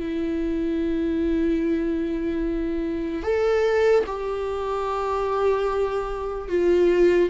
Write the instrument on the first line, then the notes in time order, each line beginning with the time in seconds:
viola
0.00 E4
3.24 A4
4.07 G4
6.49 F4